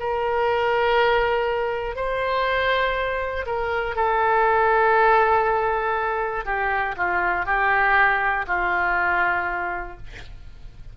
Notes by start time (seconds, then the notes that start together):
0.00 A#4
1.96 C5
3.46 A#4
3.96 A4
6.45 G4
6.97 F4
7.46 G4
8.48 F4